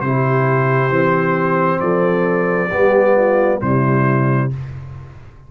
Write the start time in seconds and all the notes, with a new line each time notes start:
0.00 C3 E4 G4 C5
0.89 E3 C4
1.80 F3 A4 D5
2.69 G3 B3 G4
3.15 F4
3.60 C3 G3 E4 C5